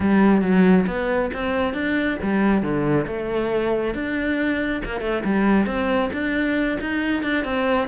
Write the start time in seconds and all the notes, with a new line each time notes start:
0.00 G3
0.41 F#3
0.87 B3
1.33 C4
1.73 D4
2.22 G3
2.62 D3
3.07 A3
3.94 D4
4.84 A#3
5.00 A3
5.24 G3
5.66 C4
6.12 D4
6.80 D#4
7.23 D4
7.44 C4